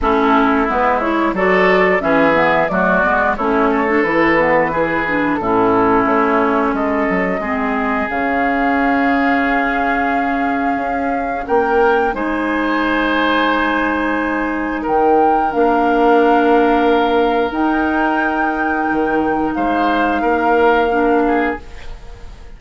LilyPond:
<<
  \new Staff \with { instrumentName = "flute" } { \time 4/4 \tempo 4 = 89 a'4 b'8 cis''8 d''4 e''4 | d''4 cis''4 b'2 | a'4 cis''4 dis''2 | f''1~ |
f''4 g''4 gis''2~ | gis''2 g''4 f''4~ | f''2 g''2~ | g''4 f''2. | }
  \new Staff \with { instrumentName = "oboe" } { \time 4/4 e'2 a'4 gis'4 | fis'4 e'8 a'4. gis'4 | e'2 a'4 gis'4~ | gis'1~ |
gis'4 ais'4 c''2~ | c''2 ais'2~ | ais'1~ | ais'4 c''4 ais'4. gis'8 | }
  \new Staff \with { instrumentName = "clarinet" } { \time 4/4 cis'4 b8 e'8 fis'4 cis'8 b8 | a8 b8 cis'8. d'16 e'8 b8 e'8 d'8 | cis'2. c'4 | cis'1~ |
cis'2 dis'2~ | dis'2. d'4~ | d'2 dis'2~ | dis'2. d'4 | }
  \new Staff \with { instrumentName = "bassoon" } { \time 4/4 a4 gis4 fis4 e4 | fis8 gis8 a4 e2 | a,4 a4 gis8 fis8 gis4 | cis1 |
cis'4 ais4 gis2~ | gis2 dis4 ais4~ | ais2 dis'2 | dis4 gis4 ais2 | }
>>